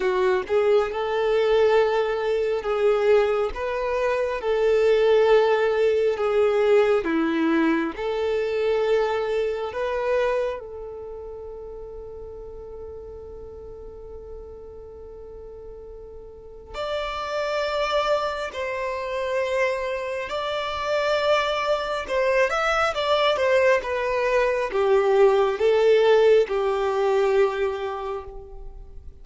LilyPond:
\new Staff \with { instrumentName = "violin" } { \time 4/4 \tempo 4 = 68 fis'8 gis'8 a'2 gis'4 | b'4 a'2 gis'4 | e'4 a'2 b'4 | a'1~ |
a'2. d''4~ | d''4 c''2 d''4~ | d''4 c''8 e''8 d''8 c''8 b'4 | g'4 a'4 g'2 | }